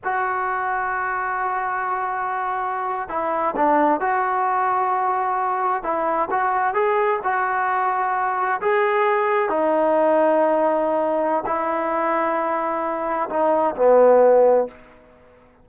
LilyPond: \new Staff \with { instrumentName = "trombone" } { \time 4/4 \tempo 4 = 131 fis'1~ | fis'2~ fis'8. e'4 d'16~ | d'8. fis'2.~ fis'16~ | fis'8. e'4 fis'4 gis'4 fis'16~ |
fis'2~ fis'8. gis'4~ gis'16~ | gis'8. dis'2.~ dis'16~ | dis'4 e'2.~ | e'4 dis'4 b2 | }